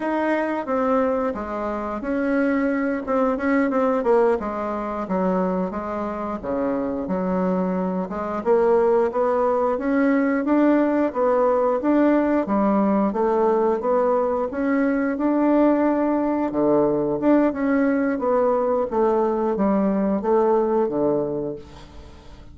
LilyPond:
\new Staff \with { instrumentName = "bassoon" } { \time 4/4 \tempo 4 = 89 dis'4 c'4 gis4 cis'4~ | cis'8 c'8 cis'8 c'8 ais8 gis4 fis8~ | fis8 gis4 cis4 fis4. | gis8 ais4 b4 cis'4 d'8~ |
d'8 b4 d'4 g4 a8~ | a8 b4 cis'4 d'4.~ | d'8 d4 d'8 cis'4 b4 | a4 g4 a4 d4 | }